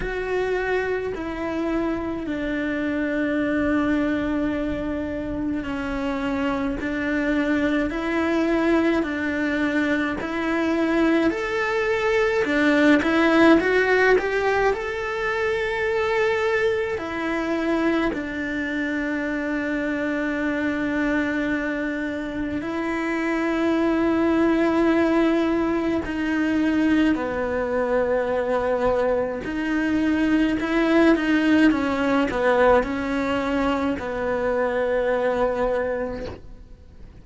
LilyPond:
\new Staff \with { instrumentName = "cello" } { \time 4/4 \tempo 4 = 53 fis'4 e'4 d'2~ | d'4 cis'4 d'4 e'4 | d'4 e'4 a'4 d'8 e'8 | fis'8 g'8 a'2 e'4 |
d'1 | e'2. dis'4 | b2 dis'4 e'8 dis'8 | cis'8 b8 cis'4 b2 | }